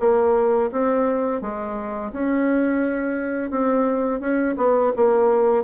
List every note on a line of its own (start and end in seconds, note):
0.00 0.71 A#3
0.72 1.41 C4
1.41 2.12 G#3
2.13 3.51 C#4
3.51 4.20 C4
4.20 4.56 C#4
4.57 4.93 B3
4.96 5.64 A#3